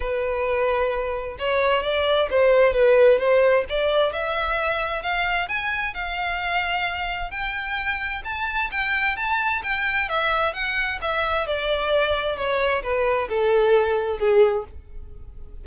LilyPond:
\new Staff \with { instrumentName = "violin" } { \time 4/4 \tempo 4 = 131 b'2. cis''4 | d''4 c''4 b'4 c''4 | d''4 e''2 f''4 | gis''4 f''2. |
g''2 a''4 g''4 | a''4 g''4 e''4 fis''4 | e''4 d''2 cis''4 | b'4 a'2 gis'4 | }